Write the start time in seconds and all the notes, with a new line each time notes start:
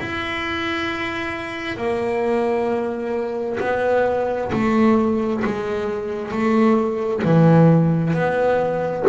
0.00 E4
1.77 A#3
3.60 B3
4.52 A3
5.45 G#3
6.32 A3
7.25 E3
8.14 B3